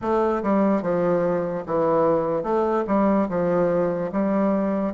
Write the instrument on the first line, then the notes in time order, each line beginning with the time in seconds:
bassoon
0.01 A3
0.42 G3
0.82 F3
1.66 E3
2.42 A3
2.87 G3
3.29 F3
4.11 G3